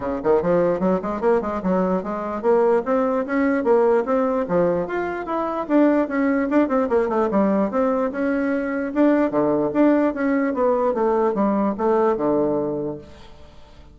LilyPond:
\new Staff \with { instrumentName = "bassoon" } { \time 4/4 \tempo 4 = 148 cis8 dis8 f4 fis8 gis8 ais8 gis8 | fis4 gis4 ais4 c'4 | cis'4 ais4 c'4 f4 | f'4 e'4 d'4 cis'4 |
d'8 c'8 ais8 a8 g4 c'4 | cis'2 d'4 d4 | d'4 cis'4 b4 a4 | g4 a4 d2 | }